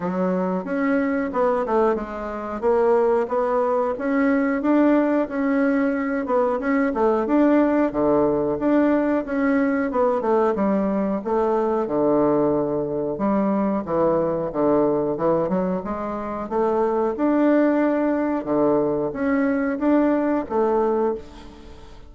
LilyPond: \new Staff \with { instrumentName = "bassoon" } { \time 4/4 \tempo 4 = 91 fis4 cis'4 b8 a8 gis4 | ais4 b4 cis'4 d'4 | cis'4. b8 cis'8 a8 d'4 | d4 d'4 cis'4 b8 a8 |
g4 a4 d2 | g4 e4 d4 e8 fis8 | gis4 a4 d'2 | d4 cis'4 d'4 a4 | }